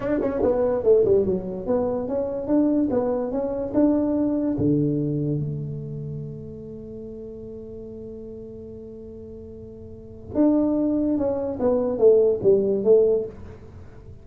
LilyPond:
\new Staff \with { instrumentName = "tuba" } { \time 4/4 \tempo 4 = 145 d'8 cis'8 b4 a8 g8 fis4 | b4 cis'4 d'4 b4 | cis'4 d'2 d4~ | d4 a2.~ |
a1~ | a1~ | a4 d'2 cis'4 | b4 a4 g4 a4 | }